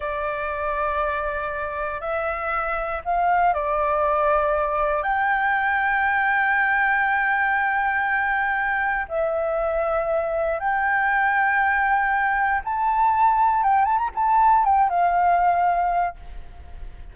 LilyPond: \new Staff \with { instrumentName = "flute" } { \time 4/4 \tempo 4 = 119 d''1 | e''2 f''4 d''4~ | d''2 g''2~ | g''1~ |
g''2 e''2~ | e''4 g''2.~ | g''4 a''2 g''8 a''16 ais''16 | a''4 g''8 f''2~ f''8 | }